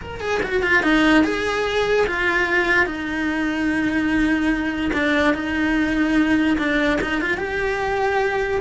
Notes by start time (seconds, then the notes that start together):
0.01 A#4
0.20 G#4
0.42 F#4
0.62 F4
0.82 D#4
1.24 G#4
2.06 F4
2.85 D#4
4.93 D4
5.33 D#4
6.58 D4
7.01 D#4
7.21 F4
7.37 G4